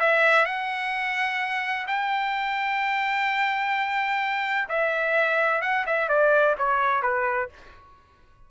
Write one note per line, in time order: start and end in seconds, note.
0.00 0.46 E5
0.46 1.87 F#5
1.88 4.69 G5
4.69 5.62 E5
5.62 5.86 F#5
5.87 6.09 E5
6.09 6.56 D5
6.59 7.03 C#5
7.03 7.50 B4